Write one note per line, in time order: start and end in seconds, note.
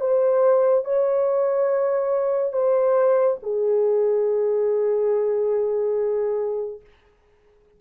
0.00 0.85 C5
0.85 2.53 C#5
2.53 3.37 C5
3.43 6.81 G#4